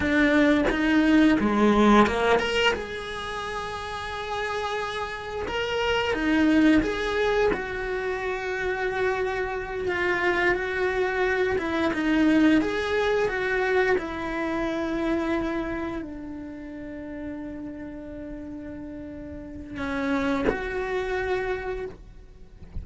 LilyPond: \new Staff \with { instrumentName = "cello" } { \time 4/4 \tempo 4 = 88 d'4 dis'4 gis4 ais8 ais'8 | gis'1 | ais'4 dis'4 gis'4 fis'4~ | fis'2~ fis'8 f'4 fis'8~ |
fis'4 e'8 dis'4 gis'4 fis'8~ | fis'8 e'2. d'8~ | d'1~ | d'4 cis'4 fis'2 | }